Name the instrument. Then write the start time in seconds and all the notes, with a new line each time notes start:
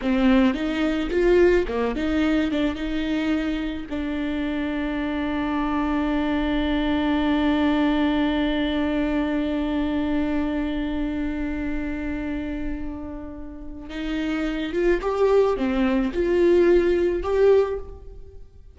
viola
0.01 C4
0.54 D#4
1.10 F4
1.67 A#3
1.95 D#4
2.51 D4
2.75 D#4
3.89 D4
13.89 D#4
14.72 F4
15.01 G4
15.56 C4
16.13 F4
17.22 G4